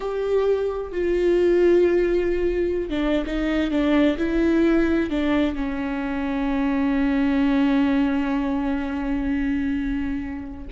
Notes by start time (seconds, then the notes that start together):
0.00 G4
0.92 F4
2.89 D4
3.26 D#4
3.70 D4
4.17 E4
5.10 D4
5.55 C#4